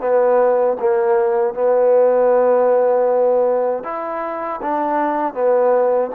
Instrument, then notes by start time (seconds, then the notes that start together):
trombone
0.00 B3
0.79 A#3
1.53 B3
3.83 E4
4.62 D4
5.34 B3